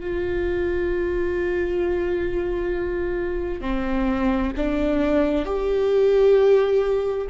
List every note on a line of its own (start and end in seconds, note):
0.00 3.61 F4
3.61 4.52 C4
4.57 5.45 D4
5.45 7.27 G4